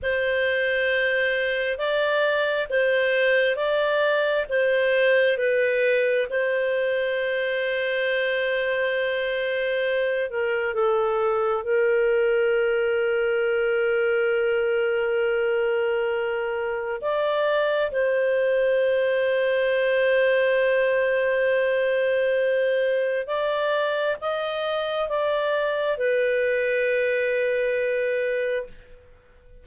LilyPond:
\new Staff \with { instrumentName = "clarinet" } { \time 4/4 \tempo 4 = 67 c''2 d''4 c''4 | d''4 c''4 b'4 c''4~ | c''2.~ c''8 ais'8 | a'4 ais'2.~ |
ais'2. d''4 | c''1~ | c''2 d''4 dis''4 | d''4 b'2. | }